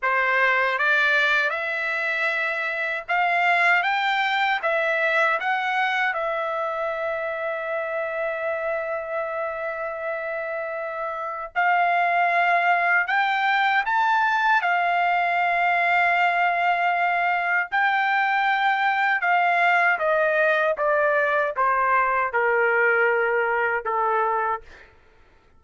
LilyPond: \new Staff \with { instrumentName = "trumpet" } { \time 4/4 \tempo 4 = 78 c''4 d''4 e''2 | f''4 g''4 e''4 fis''4 | e''1~ | e''2. f''4~ |
f''4 g''4 a''4 f''4~ | f''2. g''4~ | g''4 f''4 dis''4 d''4 | c''4 ais'2 a'4 | }